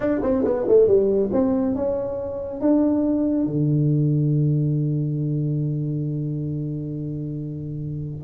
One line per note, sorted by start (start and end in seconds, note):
0.00 0.21 D4
0.22 0.44 C4
0.44 0.66 B3
0.68 0.87 A3
0.87 1.30 G3
1.32 1.75 C4
1.75 2.60 C#4
2.60 3.46 D4
3.46 8.24 D3